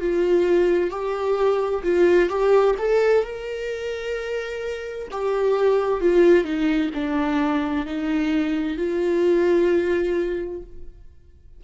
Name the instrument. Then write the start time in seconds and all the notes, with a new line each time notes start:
viola
0.00 F4
0.90 G4
1.83 F4
2.29 G4
2.78 A4
3.23 A#4
5.11 G4
6.00 F4
6.44 D#4
6.94 D4
7.86 D#4
8.77 F4